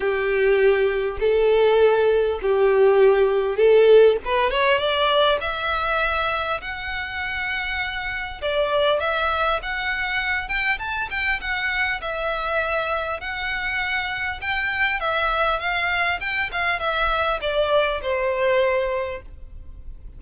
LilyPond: \new Staff \with { instrumentName = "violin" } { \time 4/4 \tempo 4 = 100 g'2 a'2 | g'2 a'4 b'8 cis''8 | d''4 e''2 fis''4~ | fis''2 d''4 e''4 |
fis''4. g''8 a''8 g''8 fis''4 | e''2 fis''2 | g''4 e''4 f''4 g''8 f''8 | e''4 d''4 c''2 | }